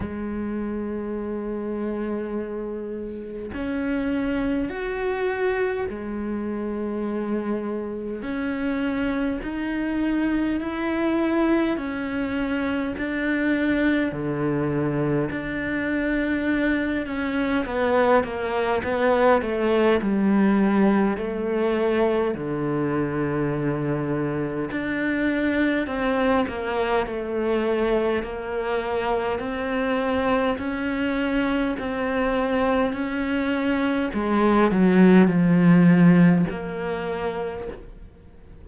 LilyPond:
\new Staff \with { instrumentName = "cello" } { \time 4/4 \tempo 4 = 51 gis2. cis'4 | fis'4 gis2 cis'4 | dis'4 e'4 cis'4 d'4 | d4 d'4. cis'8 b8 ais8 |
b8 a8 g4 a4 d4~ | d4 d'4 c'8 ais8 a4 | ais4 c'4 cis'4 c'4 | cis'4 gis8 fis8 f4 ais4 | }